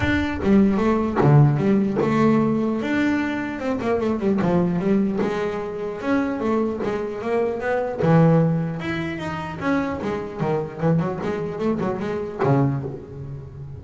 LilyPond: \new Staff \with { instrumentName = "double bass" } { \time 4/4 \tempo 4 = 150 d'4 g4 a4 d4 | g4 a2 d'4~ | d'4 c'8 ais8 a8 g8 f4 | g4 gis2 cis'4 |
a4 gis4 ais4 b4 | e2 e'4 dis'4 | cis'4 gis4 dis4 e8 fis8 | gis4 a8 fis8 gis4 cis4 | }